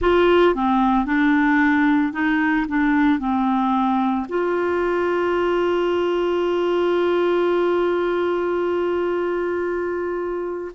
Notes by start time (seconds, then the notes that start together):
0.00 F4
0.55 C4
1.05 D4
2.12 D#4
2.67 D4
3.19 C4
4.29 F4